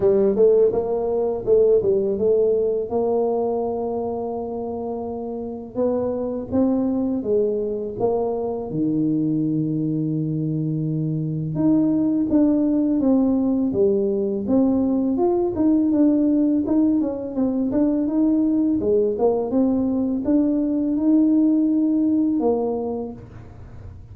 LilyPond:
\new Staff \with { instrumentName = "tuba" } { \time 4/4 \tempo 4 = 83 g8 a8 ais4 a8 g8 a4 | ais1 | b4 c'4 gis4 ais4 | dis1 |
dis'4 d'4 c'4 g4 | c'4 f'8 dis'8 d'4 dis'8 cis'8 | c'8 d'8 dis'4 gis8 ais8 c'4 | d'4 dis'2 ais4 | }